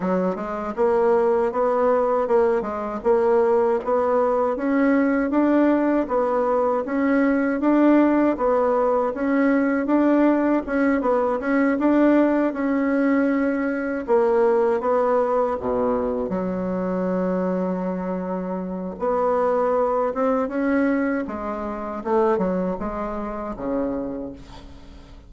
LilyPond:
\new Staff \with { instrumentName = "bassoon" } { \time 4/4 \tempo 4 = 79 fis8 gis8 ais4 b4 ais8 gis8 | ais4 b4 cis'4 d'4 | b4 cis'4 d'4 b4 | cis'4 d'4 cis'8 b8 cis'8 d'8~ |
d'8 cis'2 ais4 b8~ | b8 b,4 fis2~ fis8~ | fis4 b4. c'8 cis'4 | gis4 a8 fis8 gis4 cis4 | }